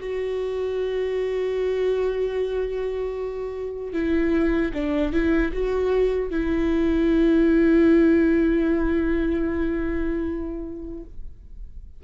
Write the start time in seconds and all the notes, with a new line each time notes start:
0.00 F#4
3.94 E4
4.74 D4
5.13 E4
5.53 F#4
6.31 E4